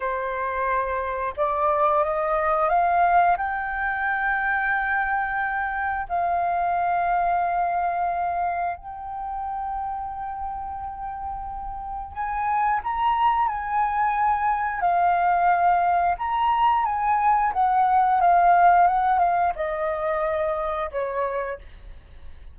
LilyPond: \new Staff \with { instrumentName = "flute" } { \time 4/4 \tempo 4 = 89 c''2 d''4 dis''4 | f''4 g''2.~ | g''4 f''2.~ | f''4 g''2.~ |
g''2 gis''4 ais''4 | gis''2 f''2 | ais''4 gis''4 fis''4 f''4 | fis''8 f''8 dis''2 cis''4 | }